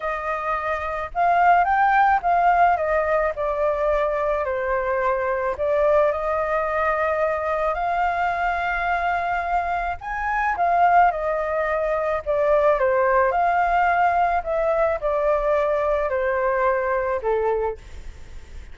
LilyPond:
\new Staff \with { instrumentName = "flute" } { \time 4/4 \tempo 4 = 108 dis''2 f''4 g''4 | f''4 dis''4 d''2 | c''2 d''4 dis''4~ | dis''2 f''2~ |
f''2 gis''4 f''4 | dis''2 d''4 c''4 | f''2 e''4 d''4~ | d''4 c''2 a'4 | }